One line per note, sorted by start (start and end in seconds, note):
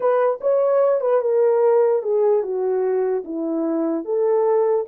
0.00 0.39 B4
0.40 1.00 C#5
1.00 1.21 B4
1.21 2.02 A#4
2.02 2.42 G#4
2.42 3.23 F#4
3.24 4.04 E4
4.04 4.85 A4